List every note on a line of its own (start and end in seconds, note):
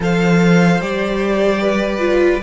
0.00 0.80 F3
0.00 0.81 A4
0.00 1.61 C5
0.00 0.81 F5
0.80 2.42 G3
0.80 1.98 G4
0.80 2.42 D5
1.61 2.42 B4
1.98 2.39 F4